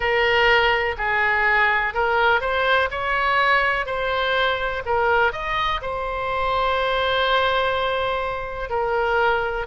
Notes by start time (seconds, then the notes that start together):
0.00 A#4
0.97 G#4
1.94 A#4
2.40 C5
2.90 C#5
3.86 C5
4.85 A#4
5.32 D#5
5.81 C5
8.69 A#4